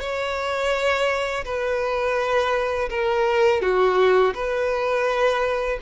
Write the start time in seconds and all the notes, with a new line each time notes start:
0.00 C#5
1.45 B4
2.90 A#4
3.62 F#4
4.34 B4